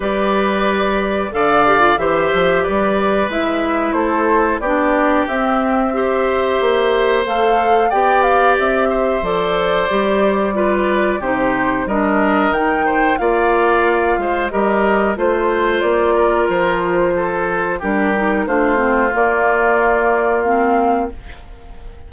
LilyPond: <<
  \new Staff \with { instrumentName = "flute" } { \time 4/4 \tempo 4 = 91 d''2 f''4 e''4 | d''4 e''4 c''4 d''4 | e''2. f''4 | g''8 f''8 e''4 d''2~ |
d''4 c''4 dis''4 g''4 | f''2 dis''4 c''4 | d''4 c''2 ais'4 | c''4 d''2 f''4 | }
  \new Staff \with { instrumentName = "oboe" } { \time 4/4 b'2 d''4 c''4 | b'2 a'4 g'4~ | g'4 c''2. | d''4. c''2~ c''8 |
b'4 g'4 ais'4. c''8 | d''4. c''8 ais'4 c''4~ | c''8 ais'4. a'4 g'4 | f'1 | }
  \new Staff \with { instrumentName = "clarinet" } { \time 4/4 g'2 a'8 g'16 f'16 g'4~ | g'4 e'2 d'4 | c'4 g'2 a'4 | g'2 a'4 g'4 |
f'4 dis'4 d'4 dis'4 | f'2 g'4 f'4~ | f'2. d'8 dis'8 | d'8 c'8 ais2 c'4 | }
  \new Staff \with { instrumentName = "bassoon" } { \time 4/4 g2 d4 e8 f8 | g4 gis4 a4 b4 | c'2 ais4 a4 | b4 c'4 f4 g4~ |
g4 c4 g4 dis4 | ais4. gis8 g4 a4 | ais4 f2 g4 | a4 ais2. | }
>>